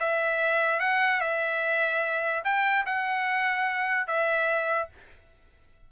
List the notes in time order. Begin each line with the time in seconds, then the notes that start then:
0.00 E5
0.80 F#5
1.21 E5
2.44 G5
2.86 F#5
4.07 E5